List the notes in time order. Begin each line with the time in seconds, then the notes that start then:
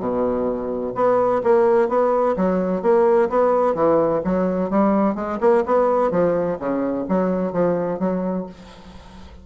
0.00 B2
0.96 B3
1.44 A#3
1.89 B3
2.37 F#3
2.83 A#3
3.30 B3
3.75 E3
4.25 F#3
4.71 G3
5.16 G#3
5.41 A#3
5.66 B3
6.12 F3
6.60 C#3
7.09 F#3
7.53 F3
8.00 F#3